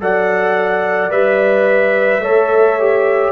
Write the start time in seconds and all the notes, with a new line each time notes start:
0.00 F#3 A4 D5 F#5
1.10 G3 B4 E5
2.19 A3 A4 C#5
2.79 G4